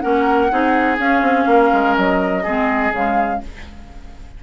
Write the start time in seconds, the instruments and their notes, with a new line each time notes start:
0.00 bassoon A#3, clarinet C#4, oboe A#4, flute F#5
0.50 bassoon C4, clarinet D#4, oboe G#4
0.99 bassoon C#4, clarinet C#4, flute F5
1.21 bassoon C4
1.46 bassoon A#3, oboe A#4
1.73 bassoon G#3
1.96 bassoon F#3, flute D#5
2.43 bassoon G#3, clarinet C4, oboe G#4
2.91 bassoon C#3, clarinet G#3, flute F5